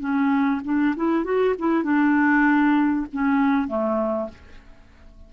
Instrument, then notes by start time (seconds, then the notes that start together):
clarinet
0.00 C#4
0.65 D4
0.97 E4
1.24 F#4
1.59 E4
1.84 D4
3.13 C#4
3.68 A3